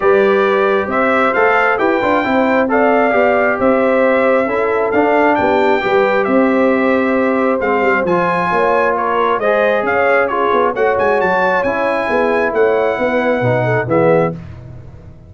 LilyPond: <<
  \new Staff \with { instrumentName = "trumpet" } { \time 4/4 \tempo 4 = 134 d''2 e''4 f''4 | g''2 f''2 | e''2. f''4 | g''2 e''2~ |
e''4 f''4 gis''2 | cis''4 dis''4 f''4 cis''4 | fis''8 gis''8 a''4 gis''2 | fis''2. e''4 | }
  \new Staff \with { instrumentName = "horn" } { \time 4/4 b'2 c''2 | b'4 c''4 d''2 | c''2 a'2 | g'4 b'4 c''2~ |
c''2. cis''4 | ais'4 c''4 cis''4 gis'4 | cis''2. gis'4 | cis''4 b'4. a'8 gis'4 | }
  \new Staff \with { instrumentName = "trombone" } { \time 4/4 g'2. a'4 | g'8 f'8 e'4 a'4 g'4~ | g'2 e'4 d'4~ | d'4 g'2.~ |
g'4 c'4 f'2~ | f'4 gis'2 f'4 | fis'2 e'2~ | e'2 dis'4 b4 | }
  \new Staff \with { instrumentName = "tuba" } { \time 4/4 g2 c'4 a4 | e'8 d'8 c'2 b4 | c'2 cis'4 d'4 | b4 g4 c'2~ |
c'4 gis8 g8 f4 ais4~ | ais4 gis4 cis'4. b8 | a8 gis8 fis4 cis'4 b4 | a4 b4 b,4 e4 | }
>>